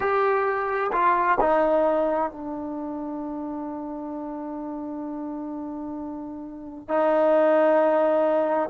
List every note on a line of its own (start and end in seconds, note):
0.00 0.91 G4
0.92 1.38 F4
1.40 2.31 D#4
2.31 6.88 D4
6.88 8.69 D#4